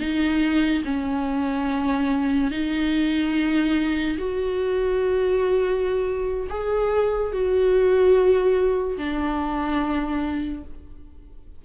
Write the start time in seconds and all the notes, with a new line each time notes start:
0.00 D#4
0.85 C#4
2.51 D#4
4.19 F#4
6.50 G#4
7.33 F#4
8.98 D4